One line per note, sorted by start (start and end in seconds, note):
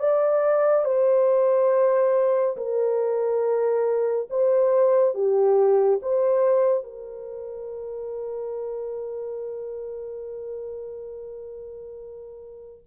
0.00 0.85 D5
0.85 2.56 C5
2.57 4.29 A#4
4.30 5.14 C5
5.14 6.00 G4
6.02 6.84 C5
6.84 12.84 A#4